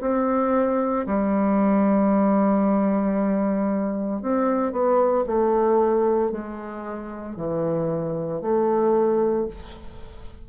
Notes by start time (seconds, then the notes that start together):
0.00 C4
1.06 G3
4.21 C4
4.72 B3
5.26 A3
6.31 G#3
7.36 E3
8.41 A3